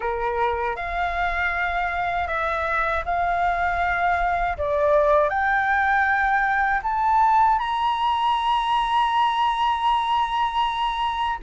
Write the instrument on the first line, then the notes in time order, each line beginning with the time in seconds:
flute
0.00 A#4
0.76 F5
2.27 E5
3.05 F5
4.57 D5
5.29 G5
6.83 A5
7.58 A#5